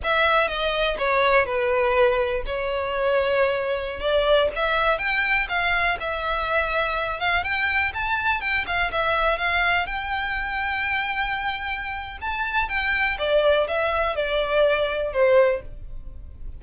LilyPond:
\new Staff \with { instrumentName = "violin" } { \time 4/4 \tempo 4 = 123 e''4 dis''4 cis''4 b'4~ | b'4 cis''2.~ | cis''16 d''4 e''4 g''4 f''8.~ | f''16 e''2~ e''8 f''8 g''8.~ |
g''16 a''4 g''8 f''8 e''4 f''8.~ | f''16 g''2.~ g''8.~ | g''4 a''4 g''4 d''4 | e''4 d''2 c''4 | }